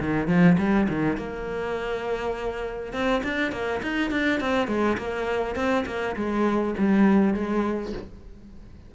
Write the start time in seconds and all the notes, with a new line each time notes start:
0.00 D#3
0.28 F3
0.58 G3
0.89 D#3
1.17 A#3
2.93 C4
3.24 D4
3.52 A#3
3.82 D#4
4.11 D4
4.40 C4
4.68 G#3
4.98 A#3
5.56 C4
5.86 A#3
6.16 G#3
6.78 G3
7.34 G#3